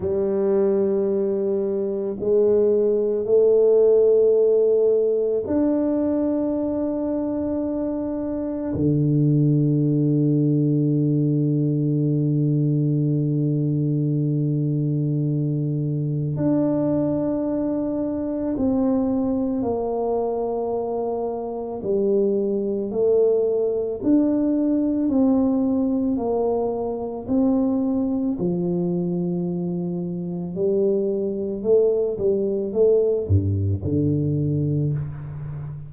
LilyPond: \new Staff \with { instrumentName = "tuba" } { \time 4/4 \tempo 4 = 55 g2 gis4 a4~ | a4 d'2. | d1~ | d2. d'4~ |
d'4 c'4 ais2 | g4 a4 d'4 c'4 | ais4 c'4 f2 | g4 a8 g8 a8 g,8 d4 | }